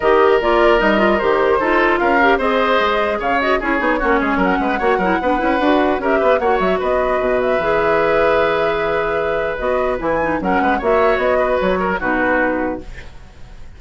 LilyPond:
<<
  \new Staff \with { instrumentName = "flute" } { \time 4/4 \tempo 4 = 150 dis''4 d''4 dis''4 c''4~ | c''4 f''4 dis''2 | f''8 dis''8 cis''2 fis''4~ | fis''2. e''4 |
fis''8 e''8 dis''4. e''4.~ | e''1 | dis''4 gis''4 fis''4 e''4 | dis''4 cis''4 b'2 | }
  \new Staff \with { instrumentName = "oboe" } { \time 4/4 ais'1 | a'4 ais'4 c''2 | cis''4 gis'4 fis'8 gis'8 ais'8 b'8 | cis''8 ais'8 b'2 ais'8 b'8 |
cis''4 b'2.~ | b'1~ | b'2 ais'8 b'8 cis''4~ | cis''8 b'4 ais'8 fis'2 | }
  \new Staff \with { instrumentName = "clarinet" } { \time 4/4 g'4 f'4 dis'8 f'8 g'4 | f'4. g'8 gis'2~ | gis'8 fis'8 e'8 dis'8 cis'2 | fis'8 e'8 d'8 e'8 fis'4 g'4 |
fis'2. gis'4~ | gis'1 | fis'4 e'8 dis'8 cis'4 fis'4~ | fis'2 dis'2 | }
  \new Staff \with { instrumentName = "bassoon" } { \time 4/4 dis4 ais4 g4 dis4 | dis'4 cis'4 c'4 gis4 | cis4 cis'8 b8 ais8 gis8 fis8 gis8 | ais8 fis8 b8 cis'8 d'4 cis'8 b8 |
ais8 fis8 b4 b,4 e4~ | e1 | b4 e4 fis8 gis8 ais4 | b4 fis4 b,2 | }
>>